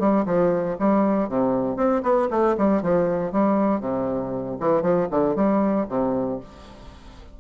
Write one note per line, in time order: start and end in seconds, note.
0.00 0.26 G3
0.26 0.77 F3
0.79 1.29 G3
1.29 1.77 C3
1.77 2.03 C4
2.03 2.29 B3
2.31 2.56 A3
2.58 2.82 G3
2.82 3.32 F3
3.32 3.81 G3
3.81 4.58 C3
4.61 4.83 E3
4.83 5.08 F3
5.11 5.36 D3
5.36 5.87 G3
5.89 6.40 C3